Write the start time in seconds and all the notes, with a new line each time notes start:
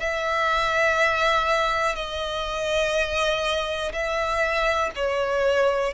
0.00 E5
1.95 D#5
3.92 E5
4.95 C#5